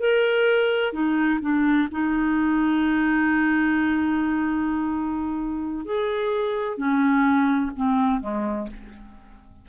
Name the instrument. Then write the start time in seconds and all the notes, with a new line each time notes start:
clarinet
0.00 A#4
0.93 D#4
1.42 D4
1.92 D#4
5.86 G#4
6.78 C#4
7.77 C4
8.21 G#3